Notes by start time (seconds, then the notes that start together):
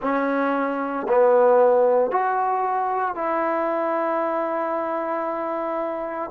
0.01 C#4
1.08 B3
2.11 F#4
3.15 E4